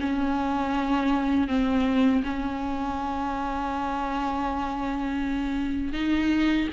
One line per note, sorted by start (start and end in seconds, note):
0.00 1.48 C#4
1.48 2.23 C4
2.24 5.93 C#4
5.93 6.68 D#4